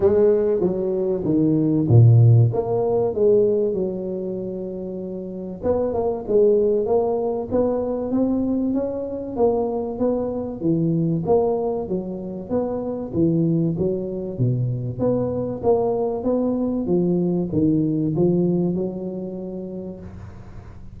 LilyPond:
\new Staff \with { instrumentName = "tuba" } { \time 4/4 \tempo 4 = 96 gis4 fis4 dis4 ais,4 | ais4 gis4 fis2~ | fis4 b8 ais8 gis4 ais4 | b4 c'4 cis'4 ais4 |
b4 e4 ais4 fis4 | b4 e4 fis4 b,4 | b4 ais4 b4 f4 | dis4 f4 fis2 | }